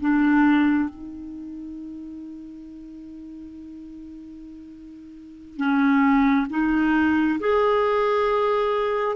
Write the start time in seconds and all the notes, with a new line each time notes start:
0.00 D4
0.89 D#4
5.57 C#4
6.50 D#4
7.40 G#4